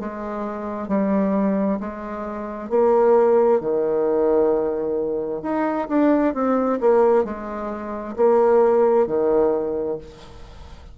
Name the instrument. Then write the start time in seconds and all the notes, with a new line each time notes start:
bassoon
0.00 G#3
0.88 G3
1.81 G#3
2.70 A#3
3.61 D#3
5.43 D#4
5.89 D4
6.34 C4
6.81 A#3
7.25 G#3
8.17 A#3
9.07 D#3